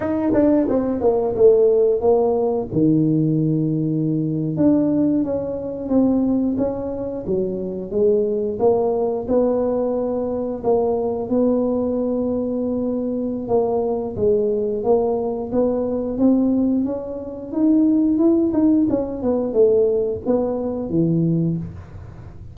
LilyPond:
\new Staff \with { instrumentName = "tuba" } { \time 4/4 \tempo 4 = 89 dis'8 d'8 c'8 ais8 a4 ais4 | dis2~ dis8. d'4 cis'16~ | cis'8. c'4 cis'4 fis4 gis16~ | gis8. ais4 b2 ais16~ |
ais8. b2.~ b16 | ais4 gis4 ais4 b4 | c'4 cis'4 dis'4 e'8 dis'8 | cis'8 b8 a4 b4 e4 | }